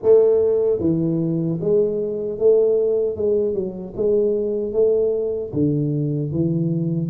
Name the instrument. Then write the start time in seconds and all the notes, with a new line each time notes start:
tuba
0.02 A3
0.80 E3
1.60 G#3
2.38 A3
3.16 G#3
3.53 F#3
3.96 G#3
4.73 A3
5.53 D3
6.32 E3